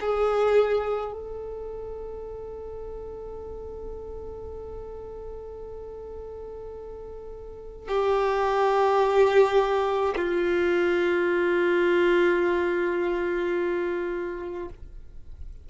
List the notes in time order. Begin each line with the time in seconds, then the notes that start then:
0.00 G#4
1.12 A4
7.87 G4
10.16 F4